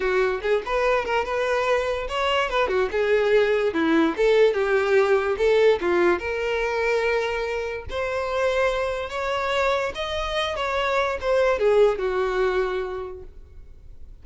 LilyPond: \new Staff \with { instrumentName = "violin" } { \time 4/4 \tempo 4 = 145 fis'4 gis'8 b'4 ais'8 b'4~ | b'4 cis''4 b'8 fis'8 gis'4~ | gis'4 e'4 a'4 g'4~ | g'4 a'4 f'4 ais'4~ |
ais'2. c''4~ | c''2 cis''2 | dis''4. cis''4. c''4 | gis'4 fis'2. | }